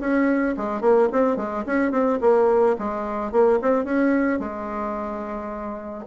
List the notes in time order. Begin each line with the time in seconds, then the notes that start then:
0.00 C#4
0.57 G#3
0.81 A#3
1.12 C4
1.36 G#3
1.66 C#4
1.91 C4
2.21 A#3
2.78 G#3
3.31 A#3
3.61 C4
3.84 C#4
4.39 G#3